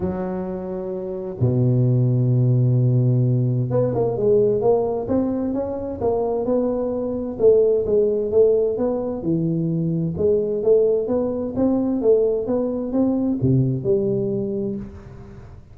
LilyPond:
\new Staff \with { instrumentName = "tuba" } { \time 4/4 \tempo 4 = 130 fis2. b,4~ | b,1 | b8 ais8 gis4 ais4 c'4 | cis'4 ais4 b2 |
a4 gis4 a4 b4 | e2 gis4 a4 | b4 c'4 a4 b4 | c'4 c4 g2 | }